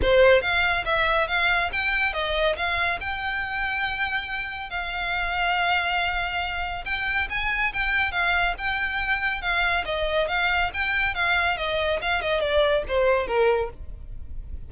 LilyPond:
\new Staff \with { instrumentName = "violin" } { \time 4/4 \tempo 4 = 140 c''4 f''4 e''4 f''4 | g''4 dis''4 f''4 g''4~ | g''2. f''4~ | f''1 |
g''4 gis''4 g''4 f''4 | g''2 f''4 dis''4 | f''4 g''4 f''4 dis''4 | f''8 dis''8 d''4 c''4 ais'4 | }